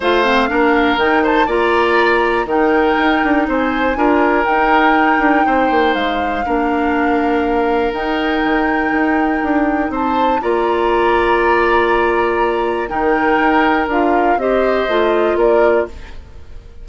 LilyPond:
<<
  \new Staff \with { instrumentName = "flute" } { \time 4/4 \tempo 4 = 121 f''2 g''8 a''8 ais''4~ | ais''4 g''2 gis''4~ | gis''4 g''2. | f''1 |
g''1 | a''4 ais''2.~ | ais''2 g''2 | f''4 dis''2 d''4 | }
  \new Staff \with { instrumentName = "oboe" } { \time 4/4 c''4 ais'4. c''8 d''4~ | d''4 ais'2 c''4 | ais'2. c''4~ | c''4 ais'2.~ |
ais'1 | c''4 d''2.~ | d''2 ais'2~ | ais'4 c''2 ais'4 | }
  \new Staff \with { instrumentName = "clarinet" } { \time 4/4 f'8 c'8 d'4 dis'4 f'4~ | f'4 dis'2. | f'4 dis'2.~ | dis'4 d'2. |
dis'1~ | dis'4 f'2.~ | f'2 dis'2 | f'4 g'4 f'2 | }
  \new Staff \with { instrumentName = "bassoon" } { \time 4/4 a4 ais4 dis4 ais4~ | ais4 dis4 dis'8 d'8 c'4 | d'4 dis'4. d'8 c'8 ais8 | gis4 ais2. |
dis'4 dis4 dis'4 d'4 | c'4 ais2.~ | ais2 dis4 dis'4 | d'4 c'4 a4 ais4 | }
>>